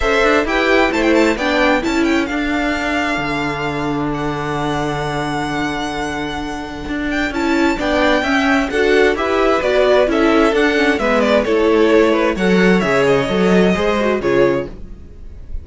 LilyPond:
<<
  \new Staff \with { instrumentName = "violin" } { \time 4/4 \tempo 4 = 131 e''4 g''4 a''16 g''16 a''8 g''4 | a''8 g''8 f''2.~ | f''4 fis''2.~ | fis''2.~ fis''8 g''8 |
a''4 g''2 fis''4 | e''4 d''4 e''4 fis''4 | e''8 d''8 cis''2 fis''4 | e''8 dis''2~ dis''8 cis''4 | }
  \new Staff \with { instrumentName = "violin" } { \time 4/4 c''4 b'4 c''4 d''4 | a'1~ | a'1~ | a'1~ |
a'4 d''4 e''4 a'4 | b'2 a'2 | b'4 a'4. b'8 cis''4~ | cis''2 c''4 gis'4 | }
  \new Staff \with { instrumentName = "viola" } { \time 4/4 a'4 g'4 e'4 d'4 | e'4 d'2.~ | d'1~ | d'1 |
e'4 d'4 cis'4 fis'4 | g'4 fis'4 e'4 d'8 cis'8 | b4 e'2 a'4 | gis'4 a'4 gis'8 fis'8 f'4 | }
  \new Staff \with { instrumentName = "cello" } { \time 4/4 cis'8 d'8 e'4 a4 b4 | cis'4 d'2 d4~ | d1~ | d2. d'4 |
cis'4 b4 cis'4 d'4 | e'4 b4 cis'4 d'4 | gis4 a2 fis4 | cis4 fis4 gis4 cis4 | }
>>